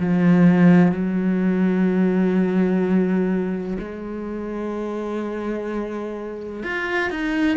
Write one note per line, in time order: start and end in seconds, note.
0.00 0.92 F3
0.92 3.77 F#3
3.79 6.64 G#3
6.64 7.11 F4
7.11 7.58 D#4